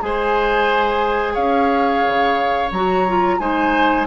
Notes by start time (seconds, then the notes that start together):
0.00 G#3 G#4 C5 G#5
1.34 C#4 C#5 F5
2.07 C#3
2.71 F#3 F#4 A#5
3.08 F4
3.39 G#3 D#4 C5 G#5